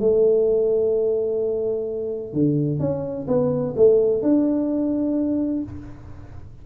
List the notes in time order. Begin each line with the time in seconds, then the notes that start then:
0.00 A3
2.34 D3
2.80 C#4
3.27 B3
3.76 A3
4.23 D4